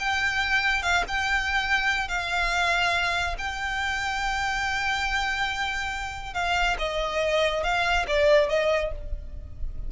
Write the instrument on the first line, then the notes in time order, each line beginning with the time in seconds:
violin
0.00 G5
0.83 F5
1.08 G5
2.09 F5
3.39 G5
6.34 F5
6.79 D#5
7.64 F5
8.08 D5
8.50 D#5